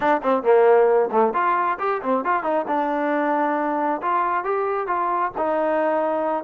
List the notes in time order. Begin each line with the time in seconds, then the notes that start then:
0.00 D4
0.23 C4
0.42 A#3
1.11 A3
1.33 F4
1.79 G4
2.02 C4
2.24 F4
2.43 D#4
2.67 D4
4.01 F4
4.44 G4
4.87 F4
5.37 D#4